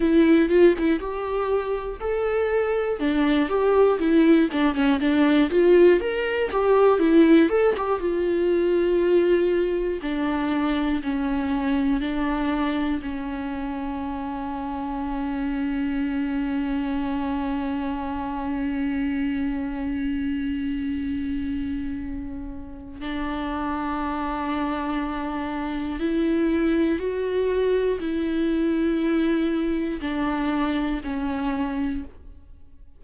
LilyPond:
\new Staff \with { instrumentName = "viola" } { \time 4/4 \tempo 4 = 60 e'8 f'16 e'16 g'4 a'4 d'8 g'8 | e'8 d'16 cis'16 d'8 f'8 ais'8 g'8 e'8 a'16 g'16 | f'2 d'4 cis'4 | d'4 cis'2.~ |
cis'1~ | cis'2. d'4~ | d'2 e'4 fis'4 | e'2 d'4 cis'4 | }